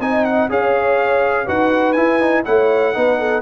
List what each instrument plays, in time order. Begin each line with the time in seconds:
0.00 tuba C4, trombone D#4, horn D#5, trumpet G#5
0.25 trumpet F#5
0.49 tuba C#4, trombone G#4, horn C#5, trumpet F5
1.46 tuba D#4, trombone F#4, horn B4, trumpet F#5
1.93 trombone E4, tuba E4, trumpet G#5
2.20 trombone D#4
2.45 tuba A3, trombone E4, horn C#5, trumpet F#5
2.94 tuba B3, trombone D#4, horn B4
3.19 horn A4